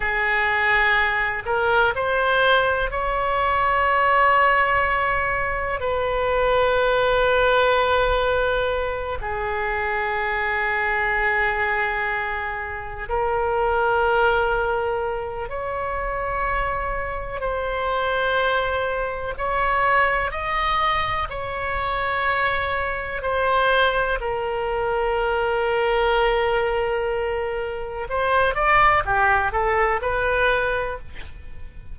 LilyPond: \new Staff \with { instrumentName = "oboe" } { \time 4/4 \tempo 4 = 62 gis'4. ais'8 c''4 cis''4~ | cis''2 b'2~ | b'4. gis'2~ gis'8~ | gis'4. ais'2~ ais'8 |
cis''2 c''2 | cis''4 dis''4 cis''2 | c''4 ais'2.~ | ais'4 c''8 d''8 g'8 a'8 b'4 | }